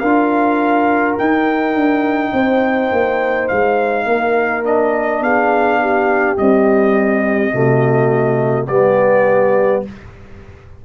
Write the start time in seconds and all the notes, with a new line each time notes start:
0.00 D4 F4 A#4 F5
1.19 D#4 G5
1.75 D4
2.33 C4 C5
2.92 A#3
3.49 G#3 F5
4.06 A#3 A#4
4.64 D4 D#5
5.21 B3 G#4 F5
5.81 G4
6.37 G3 C4 D#5
7.52 C3 A3 F#4
8.68 G3 B3 G4 D5